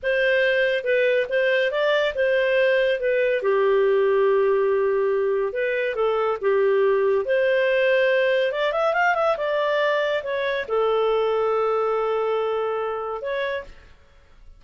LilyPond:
\new Staff \with { instrumentName = "clarinet" } { \time 4/4 \tempo 4 = 141 c''2 b'4 c''4 | d''4 c''2 b'4 | g'1~ | g'4 b'4 a'4 g'4~ |
g'4 c''2. | d''8 e''8 f''8 e''8 d''2 | cis''4 a'2.~ | a'2. cis''4 | }